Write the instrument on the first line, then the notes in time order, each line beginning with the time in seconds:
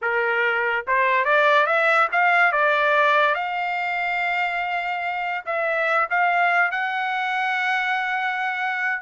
trumpet
0.01 A#4
0.87 C5
1.25 D5
1.66 E5
2.12 F5
2.52 D5
3.34 F5
5.45 E5
6.09 F5
6.71 F#5